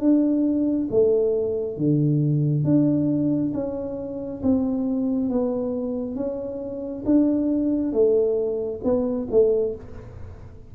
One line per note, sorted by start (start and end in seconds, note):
0.00 0.88 D4
0.91 1.77 A3
1.77 2.64 D3
2.64 3.53 D4
3.54 4.42 C#4
4.42 5.29 C4
5.29 6.16 B3
6.16 7.04 C#4
7.05 7.93 D4
7.93 8.81 A3
8.84 9.28 B3
9.31 9.75 A3